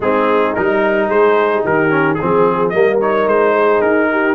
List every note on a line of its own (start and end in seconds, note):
0.00 0.54 G#3
0.00 0.56 C4
0.00 1.08 D#4
0.00 0.54 G#4
0.54 1.08 G3
0.54 1.89 D#4
0.54 1.09 A#4
1.08 1.63 G#3
1.08 1.63 G#4
1.08 1.64 C5
1.63 2.18 D#3
1.63 2.17 G4
1.63 2.14 A#4
1.89 2.16 C#4
2.14 2.68 G#4
2.14 2.73 G#4
2.20 2.74 F3
2.20 2.73 C4
2.69 3.27 G3
2.69 3.00 A#3
2.69 3.53 A#4
2.69 2.96 D#5
3.00 4.34 D#4
3.00 3.27 C#5
3.27 3.81 G#3
3.27 3.81 C5
3.53 4.07 G#4
3.81 4.34 D#4
3.81 4.34 A#4
4.11 4.34 G4